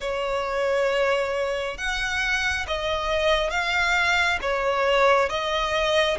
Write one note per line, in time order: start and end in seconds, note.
0.00 1.77 C#5
1.77 2.66 F#5
2.67 3.50 D#5
3.50 4.38 F5
4.41 5.29 C#5
5.29 6.17 D#5